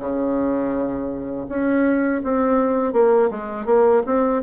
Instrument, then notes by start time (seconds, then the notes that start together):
bassoon
0.00 C#3
1.49 C#4
2.24 C4
2.93 A#3
3.31 G#3
3.66 A#3
4.06 C4